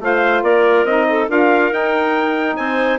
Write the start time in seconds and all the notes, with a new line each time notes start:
0.00 A3 F4 C5 F5
0.42 A#3 A#4 D5
0.84 C4 D#4 D#5
1.09 A4
1.28 D4 F4 A#4 F5
1.71 D#4 G5
2.56 C4 C5 G#5